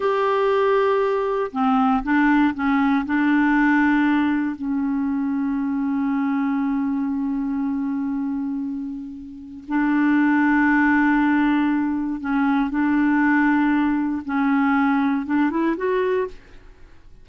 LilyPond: \new Staff \with { instrumentName = "clarinet" } { \time 4/4 \tempo 4 = 118 g'2. c'4 | d'4 cis'4 d'2~ | d'4 cis'2.~ | cis'1~ |
cis'2. d'4~ | d'1 | cis'4 d'2. | cis'2 d'8 e'8 fis'4 | }